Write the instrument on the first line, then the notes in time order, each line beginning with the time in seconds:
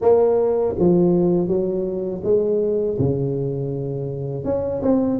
tuba
0.01 A#3
0.78 F3
1.47 F#3
2.23 G#3
2.98 C#3
4.44 C#4
4.82 C4